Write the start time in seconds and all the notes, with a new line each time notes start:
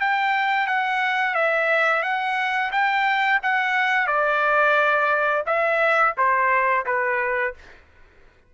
0.00 G5
0.67 F#5
1.35 E5
2.03 F#5
2.72 G5
3.42 F#5
4.07 D5
5.46 E5
6.17 C5
6.86 B4